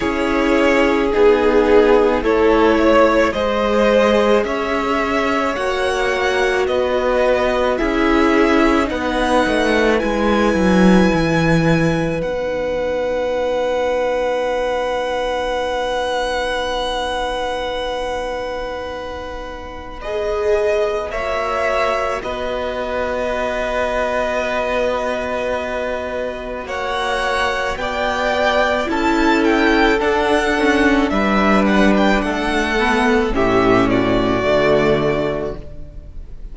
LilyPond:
<<
  \new Staff \with { instrumentName = "violin" } { \time 4/4 \tempo 4 = 54 cis''4 gis'4 cis''4 dis''4 | e''4 fis''4 dis''4 e''4 | fis''4 gis''2 fis''4~ | fis''1~ |
fis''2 dis''4 e''4 | dis''1 | fis''4 g''4 a''8 g''8 fis''4 | e''8 fis''16 g''16 fis''4 e''8 d''4. | }
  \new Staff \with { instrumentName = "violin" } { \time 4/4 gis'2 a'8 cis''8 c''4 | cis''2 b'4 gis'4 | b'1~ | b'1~ |
b'2. cis''4 | b'1 | cis''4 d''4 a'2 | b'4 a'4 g'8 fis'4. | }
  \new Staff \with { instrumentName = "viola" } { \time 4/4 e'4 dis'4 e'4 gis'4~ | gis'4 fis'2 e'4 | dis'4 e'2 dis'4~ | dis'1~ |
dis'2 gis'4 fis'4~ | fis'1~ | fis'2 e'4 d'8 cis'8 | d'4. b8 cis'4 a4 | }
  \new Staff \with { instrumentName = "cello" } { \time 4/4 cis'4 b4 a4 gis4 | cis'4 ais4 b4 cis'4 | b8 a8 gis8 fis8 e4 b4~ | b1~ |
b2. ais4 | b1 | ais4 b4 cis'4 d'4 | g4 a4 a,4 d4 | }
>>